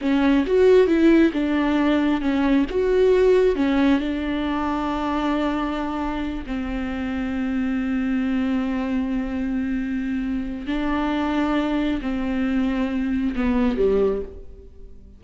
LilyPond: \new Staff \with { instrumentName = "viola" } { \time 4/4 \tempo 4 = 135 cis'4 fis'4 e'4 d'4~ | d'4 cis'4 fis'2 | cis'4 d'2.~ | d'2~ d'8 c'4.~ |
c'1~ | c'1 | d'2. c'4~ | c'2 b4 g4 | }